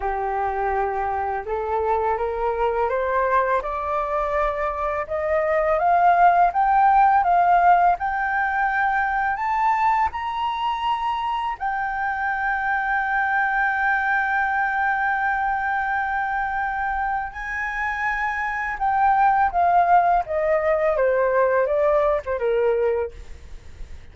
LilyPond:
\new Staff \with { instrumentName = "flute" } { \time 4/4 \tempo 4 = 83 g'2 a'4 ais'4 | c''4 d''2 dis''4 | f''4 g''4 f''4 g''4~ | g''4 a''4 ais''2 |
g''1~ | g''1 | gis''2 g''4 f''4 | dis''4 c''4 d''8. c''16 ais'4 | }